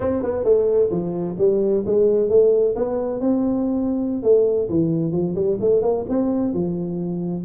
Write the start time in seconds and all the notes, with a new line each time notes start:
0.00 C4
0.22 B3
0.44 A3
0.90 F3
1.38 G3
1.85 G#3
2.29 A3
2.75 B3
3.20 C4
4.22 A3
4.69 E3
5.12 F3
5.35 G3
5.60 A3
5.82 A#3
6.09 C4
6.53 F3